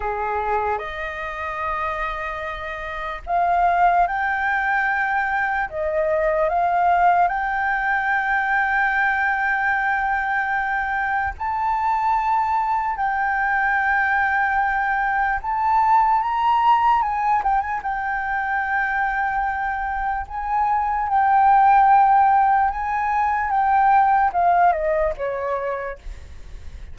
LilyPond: \new Staff \with { instrumentName = "flute" } { \time 4/4 \tempo 4 = 74 gis'4 dis''2. | f''4 g''2 dis''4 | f''4 g''2.~ | g''2 a''2 |
g''2. a''4 | ais''4 gis''8 g''16 gis''16 g''2~ | g''4 gis''4 g''2 | gis''4 g''4 f''8 dis''8 cis''4 | }